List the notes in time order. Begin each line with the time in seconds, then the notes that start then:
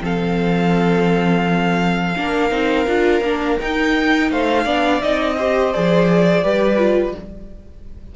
0.00 F3 C4 A4 F5
2.16 A#3 D4 A#4
2.50 C4 D#4
2.86 D4 F4
3.21 A#3 D4
3.59 D#4 G5
4.31 A3 C5 F5
4.64 B3 D4 D5
5.01 C4 D#4 D#5
5.37 G4 C5
5.72 F3 G#4 D5
6.43 G3 G4 B4
6.77 F4